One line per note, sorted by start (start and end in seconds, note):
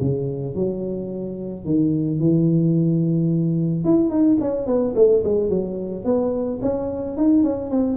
0.00 0.55 C#3
0.55 1.65 F#3
1.65 2.19 D#3
2.19 3.84 E3
3.84 4.10 E4
4.10 4.37 D#4
4.40 4.66 C#4
4.66 4.94 B3
4.95 5.22 A3
5.24 5.49 G#3
5.49 6.04 F#3
6.04 6.59 B3
6.62 7.17 C#4
7.17 7.43 D#4
7.43 7.70 C#4
7.70 7.97 C4